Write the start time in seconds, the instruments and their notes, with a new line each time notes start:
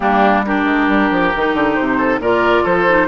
0.00 bassoon G3, clarinet A#3, oboe D4, flute G4
0.45 clarinet D4, oboe G4, flute A#4
0.64 bassoon G#3
0.87 bassoon G3
1.10 bassoon F3
1.35 bassoon D#3, clarinet D#4
1.53 bassoon D3
1.74 bassoon C3, flute C5
1.97 oboe A4
2.19 bassoon A#2, clarinet F4, oboe A#4, flute D5
2.63 bassoon F3, oboe A4, flute C5
2.88 clarinet D#4